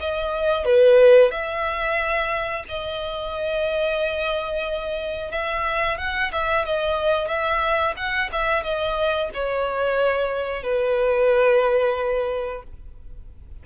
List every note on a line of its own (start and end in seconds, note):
0.00 0.65 D#5
0.65 1.31 B4
1.31 2.65 E5
2.69 5.32 D#5
5.32 5.98 E5
5.98 6.32 F#5
6.32 6.65 E5
6.66 7.28 D#5
7.28 7.95 E5
7.97 8.30 F#5
8.32 8.63 E5
8.63 9.30 D#5
9.34 10.63 C#5
10.63 12.63 B4